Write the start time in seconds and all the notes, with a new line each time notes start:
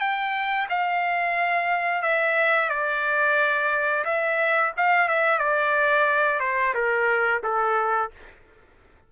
0.00 G5
0.70 F5
2.02 E5
2.69 D5
4.05 E5
4.77 F5
5.08 E5
5.39 D5
6.40 C5
6.74 A#4
7.43 A4